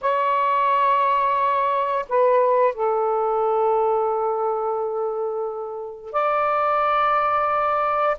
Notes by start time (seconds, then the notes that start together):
0.01 C#5
2.09 B4
2.74 A4
6.12 D5